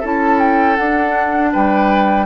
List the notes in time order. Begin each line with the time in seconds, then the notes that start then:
0.00 C#4 E4 A4
0.06 A5
0.39 G5
0.76 D4 F#5
1.52 G3 B4 G5